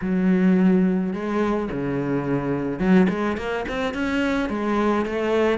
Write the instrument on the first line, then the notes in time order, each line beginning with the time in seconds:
cello
0.01 F#3
1.13 G#3
1.71 C#3
2.79 F#3
3.09 G#3
3.37 A#3
3.68 C4
3.94 C#4
4.49 G#3
5.05 A3